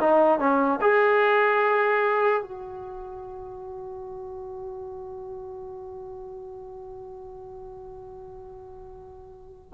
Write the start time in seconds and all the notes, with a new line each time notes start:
0.00 D#4
0.39 C#4
0.81 G#4
2.42 F#4